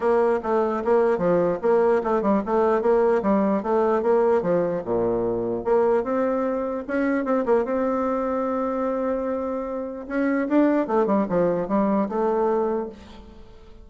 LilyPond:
\new Staff \with { instrumentName = "bassoon" } { \time 4/4 \tempo 4 = 149 ais4 a4 ais4 f4 | ais4 a8 g8 a4 ais4 | g4 a4 ais4 f4 | ais,2 ais4 c'4~ |
c'4 cis'4 c'8 ais8 c'4~ | c'1~ | c'4 cis'4 d'4 a8 g8 | f4 g4 a2 | }